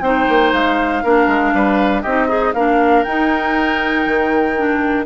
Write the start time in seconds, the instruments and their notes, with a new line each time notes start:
0.00 bassoon C4, clarinet D#4, oboe C5, flute G5
0.28 bassoon A#3
0.52 bassoon G#3, flute F5
1.03 bassoon A#3, clarinet D4, oboe A#4
1.26 bassoon G#3
1.53 bassoon G3, oboe B4
2.02 bassoon C4, clarinet D#4, oboe G4, flute D#5
2.27 oboe D#4, clarinet G#4
2.53 bassoon A#3, clarinet D4, oboe A#4, flute F5
3.03 bassoon D#4, clarinet D#4, flute G5
4.06 bassoon D#3
4.57 clarinet D4